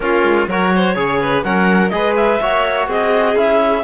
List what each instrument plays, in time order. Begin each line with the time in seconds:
0.00 cello A#3, trombone C#4, violin F4, clarinet A#4
0.22 cello G#3
0.47 cello F#3, trombone F#4, violin A#4, clarinet C#5
0.75 violin C5
0.95 cello C#3, trombone G#4, violin C#5
1.20 violin B4
1.43 cello F#3, trombone C#4, violin A#4, clarinet F#5
1.89 cello G#3, trombone G#4, violin B4, clarinet D#5
2.16 clarinet E5
2.41 cello A#3, trombone F#4, violin C#5
2.87 cello C4, violin G#4, clarinet D#5
3.35 cello C#4, trombone E4, clarinet E5